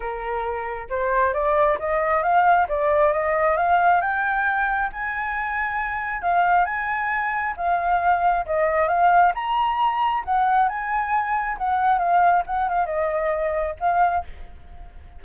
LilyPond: \new Staff \with { instrumentName = "flute" } { \time 4/4 \tempo 4 = 135 ais'2 c''4 d''4 | dis''4 f''4 d''4 dis''4 | f''4 g''2 gis''4~ | gis''2 f''4 gis''4~ |
gis''4 f''2 dis''4 | f''4 ais''2 fis''4 | gis''2 fis''4 f''4 | fis''8 f''8 dis''2 f''4 | }